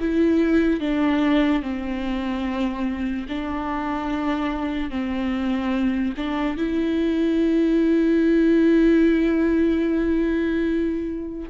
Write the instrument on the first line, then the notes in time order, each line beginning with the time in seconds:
viola
0.00 E4
0.80 D4
1.62 C4
3.29 D4
4.90 C4
6.17 D4
6.57 E4